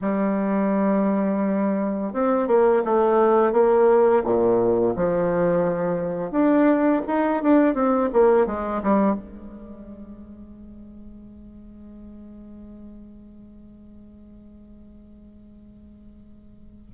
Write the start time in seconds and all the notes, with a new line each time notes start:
0.01 G3
2.13 C4
2.47 A#3
2.84 A3
3.52 A#3
4.24 A#2
4.96 F3
6.31 D4
7.07 D#4
7.42 D4
7.74 C4
8.12 A#3
8.46 G#3
8.82 G3
9.14 G#3